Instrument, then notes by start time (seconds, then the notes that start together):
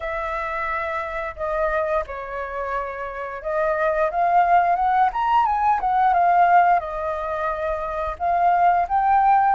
flute
0.00 E5
1.36 D#5
2.06 C#5
3.42 D#5
4.10 F5
4.75 F#5
5.13 A#5
5.45 G#5
5.80 F#5
6.13 F5
6.79 D#5
8.18 F5
8.88 G5